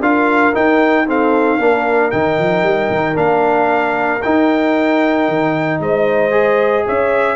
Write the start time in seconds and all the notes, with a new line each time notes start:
0.00 D4 F4 A#4 F5
0.53 D#4 G5
1.07 C4 A4 F5
1.58 A#3 D4 A#4
2.11 D#3 D#4 G5
2.38 F3
2.62 G3
2.90 D#3
3.14 A#3 D4 F5
4.22 D#4 G5
5.28 D#3
5.79 G#3 C5 D#5
6.31 G#4
6.85 C#4 C#5 E5